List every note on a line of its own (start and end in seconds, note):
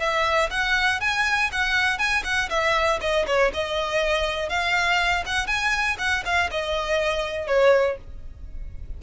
0.00 0.50 E5
0.51 1.01 F#5
1.01 1.51 G#5
1.52 1.99 F#5
1.99 2.24 G#5
2.25 2.50 F#5
2.50 3.00 E5
3.01 3.26 D#5
3.27 3.52 C#5
3.54 4.50 D#5
4.50 5.25 F5
5.26 5.47 F#5
5.47 5.97 G#5
5.99 6.24 F#5
6.26 6.51 F5
6.51 7.48 D#5
7.48 7.98 C#5